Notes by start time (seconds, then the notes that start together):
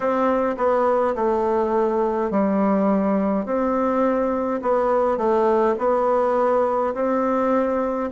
0.00 C4
0.57 B3
1.15 A3
2.30 G3
3.45 C4
4.62 B3
5.17 A3
5.78 B3
6.94 C4